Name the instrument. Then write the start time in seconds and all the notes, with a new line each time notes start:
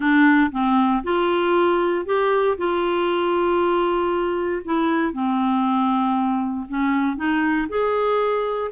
clarinet
0.00 D4
0.51 C4
1.03 F4
2.05 G4
2.57 F4
4.64 E4
5.12 C4
6.68 C#4
7.16 D#4
7.68 G#4